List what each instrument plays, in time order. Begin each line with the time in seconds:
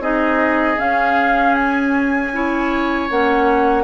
0.00 bassoon C4, clarinet D#4, oboe G#4, flute D#5
0.78 clarinet C#4, bassoon C#4, flute F5
1.55 flute G#5
2.33 clarinet E4, oboe C#5
3.11 bassoon A#3, clarinet C#4, flute F#5